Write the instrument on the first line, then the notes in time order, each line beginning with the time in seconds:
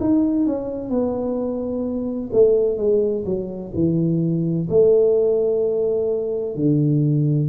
tuba
0.00 D#4
0.46 C#4
0.89 B3
2.32 A3
2.77 G#3
3.25 F#3
3.74 E3
4.69 A3
6.55 D3